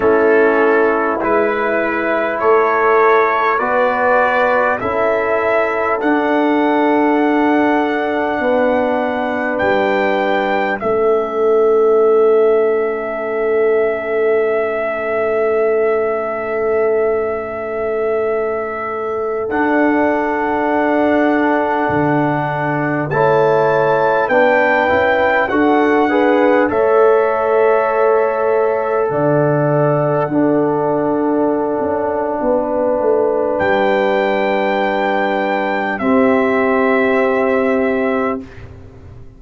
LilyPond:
<<
  \new Staff \with { instrumentName = "trumpet" } { \time 4/4 \tempo 4 = 50 a'4 b'4 cis''4 d''4 | e''4 fis''2. | g''4 e''2.~ | e''1~ |
e''16 fis''2. a''8.~ | a''16 g''4 fis''4 e''4.~ e''16~ | e''16 fis''2.~ fis''8. | g''2 e''2 | }
  \new Staff \with { instrumentName = "horn" } { \time 4/4 e'2 a'4 b'4 | a'2. b'4~ | b'4 a'2.~ | a'1~ |
a'2.~ a'16 cis''8.~ | cis''16 b'4 a'8 b'8 cis''4.~ cis''16~ | cis''16 d''4 a'4.~ a'16 b'4~ | b'2 g'2 | }
  \new Staff \with { instrumentName = "trombone" } { \time 4/4 cis'4 e'2 fis'4 | e'4 d'2.~ | d'4 cis'2.~ | cis'1~ |
cis'16 d'2. e'8.~ | e'16 d'8 e'8 fis'8 gis'8 a'4.~ a'16~ | a'4~ a'16 d'2~ d'8.~ | d'2 c'2 | }
  \new Staff \with { instrumentName = "tuba" } { \time 4/4 a4 gis4 a4 b4 | cis'4 d'2 b4 | g4 a2.~ | a1~ |
a16 d'2 d4 a8.~ | a16 b8 cis'8 d'4 a4.~ a16~ | a16 d4 d'4~ d'16 cis'8 b8 a8 | g2 c'2 | }
>>